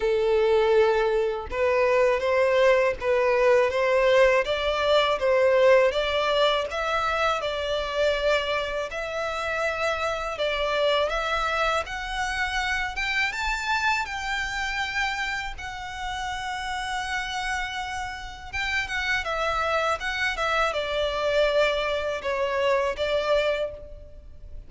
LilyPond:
\new Staff \with { instrumentName = "violin" } { \time 4/4 \tempo 4 = 81 a'2 b'4 c''4 | b'4 c''4 d''4 c''4 | d''4 e''4 d''2 | e''2 d''4 e''4 |
fis''4. g''8 a''4 g''4~ | g''4 fis''2.~ | fis''4 g''8 fis''8 e''4 fis''8 e''8 | d''2 cis''4 d''4 | }